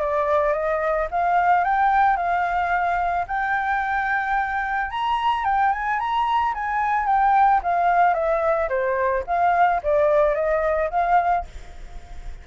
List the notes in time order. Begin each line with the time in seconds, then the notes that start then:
0.00 D5
0.53 D#5
1.11 F5
1.64 G5
2.17 F5
3.27 G5
4.90 A#5
5.45 G5
5.72 G#5
5.99 A#5
6.54 G#5
7.06 G5
7.63 F5
8.14 E5
8.69 C5
9.27 F5
9.83 D5
10.35 D#5
10.90 F5